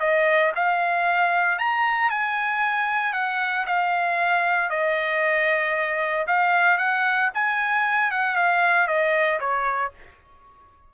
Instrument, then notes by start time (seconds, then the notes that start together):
trumpet
0.00 D#5
0.55 F5
1.59 A#5
2.10 G#5
3.13 F#5
3.66 F5
4.70 D#5
6.27 F5
6.78 F#5
7.34 G#5
8.11 F#5
8.36 F5
8.87 D#5
9.40 C#5